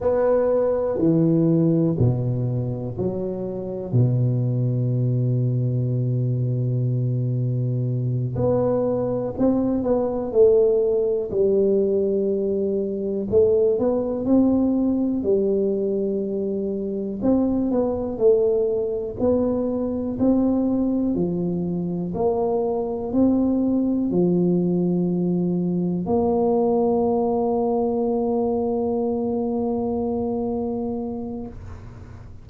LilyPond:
\new Staff \with { instrumentName = "tuba" } { \time 4/4 \tempo 4 = 61 b4 e4 b,4 fis4 | b,1~ | b,8 b4 c'8 b8 a4 g8~ | g4. a8 b8 c'4 g8~ |
g4. c'8 b8 a4 b8~ | b8 c'4 f4 ais4 c'8~ | c'8 f2 ais4.~ | ais1 | }